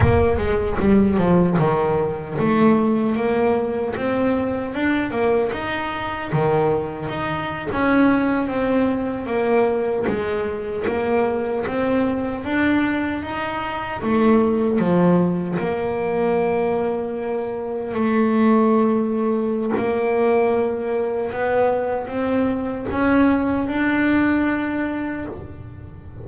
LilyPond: \new Staff \with { instrumentName = "double bass" } { \time 4/4 \tempo 4 = 76 ais8 gis8 g8 f8 dis4 a4 | ais4 c'4 d'8 ais8 dis'4 | dis4 dis'8. cis'4 c'4 ais16~ | ais8. gis4 ais4 c'4 d'16~ |
d'8. dis'4 a4 f4 ais16~ | ais2~ ais8. a4~ a16~ | a4 ais2 b4 | c'4 cis'4 d'2 | }